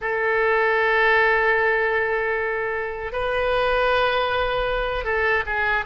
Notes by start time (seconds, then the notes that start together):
0.01 A4
3.12 B4
5.04 A4
5.45 G#4